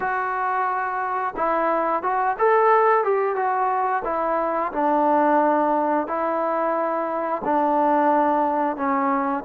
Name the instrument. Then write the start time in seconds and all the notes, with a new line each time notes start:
trombone
0.00 F#4
1.36 E4
2.03 F#4
2.38 A4
3.04 G4
3.35 F#4
4.04 E4
4.72 D4
6.07 E4
7.44 D4
8.76 C#4